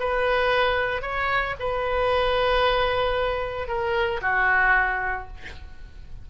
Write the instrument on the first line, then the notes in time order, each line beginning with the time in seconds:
oboe
0.00 B4
1.02 C#5
1.60 B4
3.68 A#4
4.22 F#4